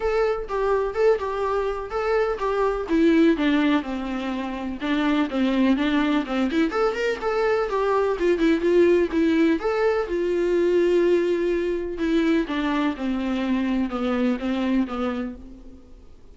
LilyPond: \new Staff \with { instrumentName = "viola" } { \time 4/4 \tempo 4 = 125 a'4 g'4 a'8 g'4. | a'4 g'4 e'4 d'4 | c'2 d'4 c'4 | d'4 c'8 e'8 a'8 ais'8 a'4 |
g'4 f'8 e'8 f'4 e'4 | a'4 f'2.~ | f'4 e'4 d'4 c'4~ | c'4 b4 c'4 b4 | }